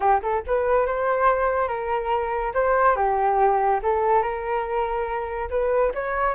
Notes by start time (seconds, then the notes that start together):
0.00 G4
0.22 A4
0.46 B4
0.86 C5
1.68 A#4
2.54 C5
2.95 G4
3.83 A4
4.22 A#4
5.49 B4
5.94 C#5